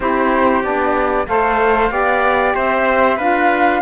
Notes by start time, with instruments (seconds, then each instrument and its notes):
0.00 cello C4, saxophone E4, trumpet G4, flute C5
0.62 cello B3, saxophone D4, flute D5
1.27 cello A3, saxophone A4, trumpet C5, flute F5
1.89 cello B3, saxophone G4, trumpet D5
2.55 cello C4, trumpet C5, flute E5
3.17 cello D4, saxophone F4, trumpet B4, flute F5